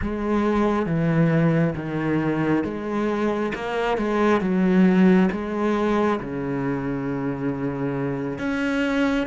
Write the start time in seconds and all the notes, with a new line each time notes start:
0.01 G#3
0.86 E3
1.75 D#3
2.64 G#3
3.54 A#3
3.97 G#3
4.40 F#3
5.31 G#3
6.20 C#3
8.38 C#4